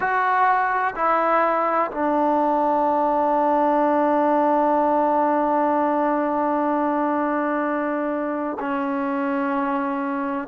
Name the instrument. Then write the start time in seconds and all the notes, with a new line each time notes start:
trombone
0.00 F#4
0.95 E4
1.90 D4
8.59 C#4